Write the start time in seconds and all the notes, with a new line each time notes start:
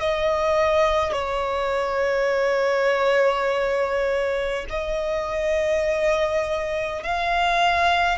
0.00 D#5
1.12 C#5
4.70 D#5
7.03 F5